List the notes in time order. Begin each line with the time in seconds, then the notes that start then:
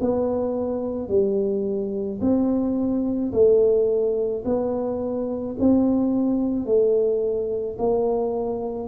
0.00 B3
1.08 G3
2.20 C4
3.32 A3
4.44 B3
5.59 C4
6.65 A3
7.78 A#3